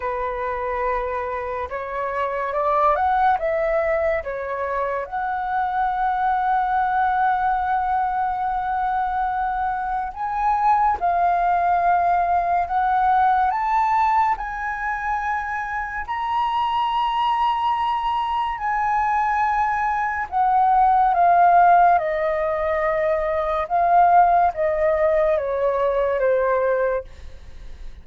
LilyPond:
\new Staff \with { instrumentName = "flute" } { \time 4/4 \tempo 4 = 71 b'2 cis''4 d''8 fis''8 | e''4 cis''4 fis''2~ | fis''1 | gis''4 f''2 fis''4 |
a''4 gis''2 ais''4~ | ais''2 gis''2 | fis''4 f''4 dis''2 | f''4 dis''4 cis''4 c''4 | }